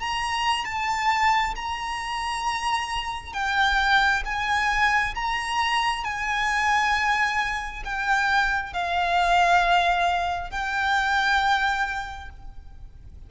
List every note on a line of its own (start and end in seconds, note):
0.00 0.65 A#5
0.65 1.54 A5
1.55 3.33 A#5
3.33 4.23 G5
4.25 5.15 G#5
5.15 6.04 A#5
6.04 7.83 G#5
7.84 8.74 G5
8.74 10.51 F5
10.51 12.30 G5